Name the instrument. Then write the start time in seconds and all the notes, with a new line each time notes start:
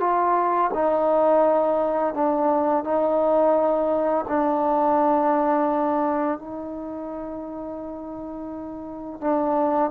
trombone
0.00 F4
0.73 D#4
2.14 D4
2.84 D#4
4.28 D4
6.38 D#4
9.20 D4